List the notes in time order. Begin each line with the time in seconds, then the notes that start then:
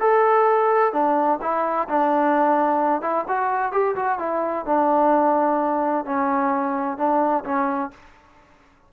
0.00 A4
0.93 D4
1.42 E4
1.89 D4
3.02 E4
3.28 F#4
3.72 G4
3.96 F#4
4.19 E4
4.66 D4
6.05 C#4
6.98 D4
7.45 C#4